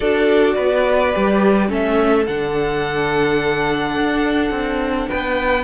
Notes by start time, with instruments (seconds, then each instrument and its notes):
0.00 cello D4, viola F#4, violin A4 D5
0.55 cello B3, violin B4
1.12 cello G3, viola G4
1.68 cello A3, viola C#4, violin A4 E5
2.26 cello D3, viola D4, violin F#5
3.96 cello D4
4.50 cello C4
5.08 cello B3, violin B4 G5